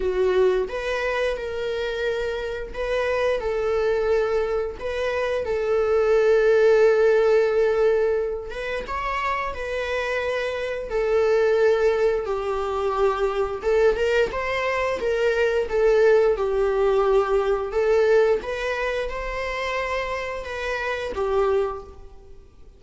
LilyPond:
\new Staff \with { instrumentName = "viola" } { \time 4/4 \tempo 4 = 88 fis'4 b'4 ais'2 | b'4 a'2 b'4 | a'1~ | a'8 b'8 cis''4 b'2 |
a'2 g'2 | a'8 ais'8 c''4 ais'4 a'4 | g'2 a'4 b'4 | c''2 b'4 g'4 | }